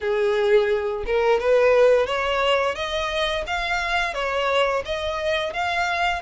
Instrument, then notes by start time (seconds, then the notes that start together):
violin
0.01 G#4
1.06 A#4
1.39 B4
2.06 C#5
2.75 D#5
3.46 F5
4.13 C#5
4.85 D#5
5.53 F5